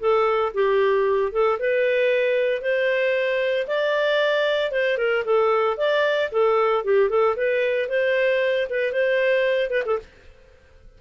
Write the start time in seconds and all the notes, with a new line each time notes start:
0.00 A4
0.54 G4
1.32 A4
1.59 B4
2.62 C5
3.67 D5
4.72 C5
4.98 A#4
5.25 A4
5.78 D5
6.32 A4
6.84 G4
7.10 A4
7.37 B4
7.89 C5
8.70 B4
8.92 C5
9.70 B4
9.86 A4